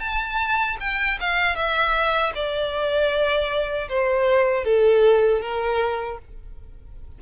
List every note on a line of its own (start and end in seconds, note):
0.00 0.77 A5
0.80 1.19 G5
1.20 1.56 F5
1.56 2.33 E5
2.35 3.88 D5
3.89 4.64 C5
4.64 5.41 A4
5.42 6.19 A#4